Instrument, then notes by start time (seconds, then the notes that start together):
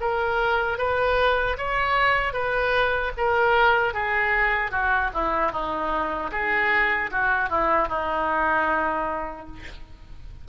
oboe
0.00 A#4
0.78 B4
1.57 C#5
2.33 B4
3.17 A#4
3.93 G#4
4.70 F#4
5.13 E4
5.52 D#4
6.31 G#4
7.11 F#4
7.49 E4
7.88 D#4